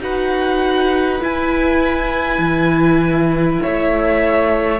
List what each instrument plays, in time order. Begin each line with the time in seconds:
0.00 cello D#4, viola F#4, violin B4 F#5
1.20 viola E4, cello E4, violin G#5
2.38 cello E3
3.62 cello A3, violin C#5 E5